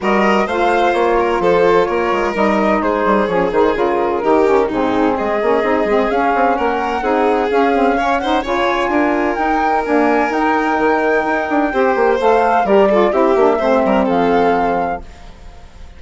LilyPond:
<<
  \new Staff \with { instrumentName = "flute" } { \time 4/4 \tempo 4 = 128 dis''4 f''4 cis''4 c''4 | cis''4 dis''4 c''4 cis''8 c''8 | ais'2 gis'4 dis''4~ | dis''4 f''4 fis''2 |
f''4. fis''8 gis''2 | g''4 gis''4 g''2~ | g''2 f''4 d''4 | e''2 f''2 | }
  \new Staff \with { instrumentName = "violin" } { \time 4/4 ais'4 c''4. ais'8 a'4 | ais'2 gis'2~ | gis'4 g'4 dis'4 gis'4~ | gis'2 ais'4 gis'4~ |
gis'4 cis''8 c''8 cis''4 ais'4~ | ais'1~ | ais'4 c''2 ais'8 a'8 | g'4 c''8 ais'8 a'2 | }
  \new Staff \with { instrumentName = "saxophone" } { \time 4/4 fis'4 f'2.~ | f'4 dis'2 cis'8 dis'8 | f'4 dis'8 cis'8 c'4. cis'8 | dis'8 c'8 cis'2 dis'4 |
cis'8 c'8 cis'8 dis'8 f'2 | dis'4 ais4 dis'2~ | dis'4 g'4 a'4 g'8 f'8 | e'8 d'8 c'2. | }
  \new Staff \with { instrumentName = "bassoon" } { \time 4/4 g4 a4 ais4 f4 | ais8 gis8 g4 gis8 g8 f8 dis8 | cis4 dis4 gis,4 gis8 ais8 | c'8 gis8 cis'8 c'8 ais4 c'4 |
cis'2 cis4 d'4 | dis'4 d'4 dis'4 dis4 | dis'8 d'8 c'8 ais8 a4 g4 | c'8 ais8 a8 g8 f2 | }
>>